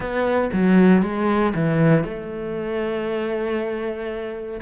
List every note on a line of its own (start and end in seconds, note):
0.00 0.50 B3
0.53 1.02 F#3
1.02 1.53 G#3
1.54 2.04 E3
2.04 4.60 A3